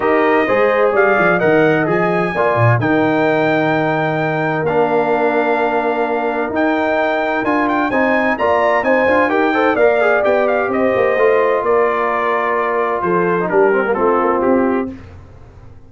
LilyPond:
<<
  \new Staff \with { instrumentName = "trumpet" } { \time 4/4 \tempo 4 = 129 dis''2 f''4 fis''4 | gis''2 g''2~ | g''2 f''2~ | f''2 g''2 |
gis''8 g''8 gis''4 ais''4 gis''4 | g''4 f''4 g''8 f''8 dis''4~ | dis''4 d''2. | c''4 ais'4 a'4 g'4 | }
  \new Staff \with { instrumentName = "horn" } { \time 4/4 ais'4 c''4 d''4 dis''4~ | dis''4 d''4 ais'2~ | ais'1~ | ais'1~ |
ais'4 c''4 d''4 c''4 | ais'8 c''8 d''2 c''4~ | c''4 ais'2. | a'4 g'4 f'2 | }
  \new Staff \with { instrumentName = "trombone" } { \time 4/4 g'4 gis'2 ais'4 | gis'4 f'4 dis'2~ | dis'2 d'2~ | d'2 dis'2 |
f'4 dis'4 f'4 dis'8 f'8 | g'8 a'8 ais'8 gis'8 g'2 | f'1~ | f'8. dis'16 d'8 c'16 ais16 c'2 | }
  \new Staff \with { instrumentName = "tuba" } { \time 4/4 dis'4 gis4 g8 f8 dis4 | f4 ais8 ais,8 dis2~ | dis2 ais2~ | ais2 dis'2 |
d'4 c'4 ais4 c'8 d'8 | dis'4 ais4 b4 c'8 ais8 | a4 ais2. | f4 g4 a8 ais8 c'4 | }
>>